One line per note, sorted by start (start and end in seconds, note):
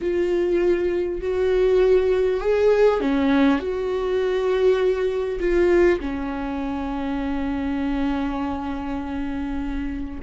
0.01 1.21 F4
1.21 2.40 F#4
2.40 3.00 G#4
3.00 3.59 C#4
3.59 5.39 F#4
5.39 5.99 F4
6.00 10.20 C#4